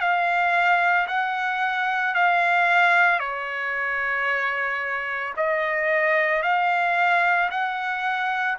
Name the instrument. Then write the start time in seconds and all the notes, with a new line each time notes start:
trumpet
0.00 F5
1.07 F#5
2.14 F5
3.19 C#5
5.36 D#5
6.42 F5
7.50 F#5